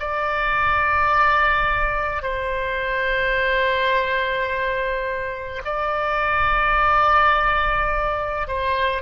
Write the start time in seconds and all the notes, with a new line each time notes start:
0.00 D5
2.23 C5
5.66 D5
8.48 C5